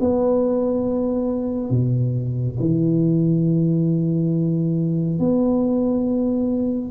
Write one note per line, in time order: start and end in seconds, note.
0.00 1.70 B3
1.70 2.57 B2
2.60 5.19 E3
5.19 6.91 B3